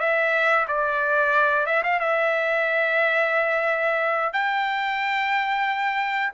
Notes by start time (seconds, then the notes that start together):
0.00 E5
0.68 D5
1.66 E5
1.84 F5
2.00 E5
4.33 G5